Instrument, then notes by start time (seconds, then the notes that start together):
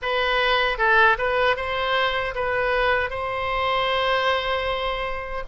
oboe
0.02 B4
0.78 A4
1.18 B4
1.56 C5
2.34 B4
3.10 C5